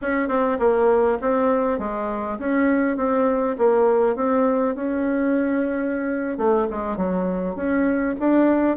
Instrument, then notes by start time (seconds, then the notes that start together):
bassoon
0.01 C#4
0.28 C4
0.59 A#3
1.21 C4
1.78 G#3
2.38 C#4
2.96 C4
3.58 A#3
4.15 C4
4.75 C#4
6.37 A3
6.70 G#3
6.96 F#3
7.55 C#4
8.19 D4